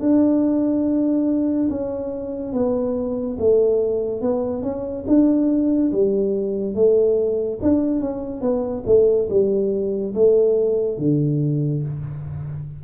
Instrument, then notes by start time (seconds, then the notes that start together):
tuba
0.00 D4
1.70 C#4
2.53 B3
3.39 A3
4.21 B3
4.62 C#4
5.07 D4
5.92 G3
6.75 A3
7.62 D4
8.00 C#4
8.41 B3
8.86 A3
9.30 G3
10.14 A3
10.98 D3